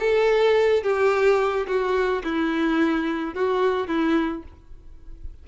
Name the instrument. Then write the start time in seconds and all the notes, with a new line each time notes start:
violin
0.00 A4
0.83 G4
1.67 F#4
2.24 E4
3.35 F#4
3.88 E4